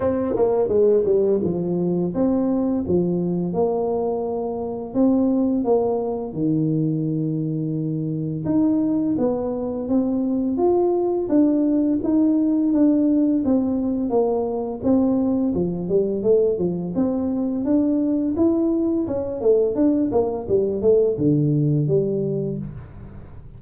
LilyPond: \new Staff \with { instrumentName = "tuba" } { \time 4/4 \tempo 4 = 85 c'8 ais8 gis8 g8 f4 c'4 | f4 ais2 c'4 | ais4 dis2. | dis'4 b4 c'4 f'4 |
d'4 dis'4 d'4 c'4 | ais4 c'4 f8 g8 a8 f8 | c'4 d'4 e'4 cis'8 a8 | d'8 ais8 g8 a8 d4 g4 | }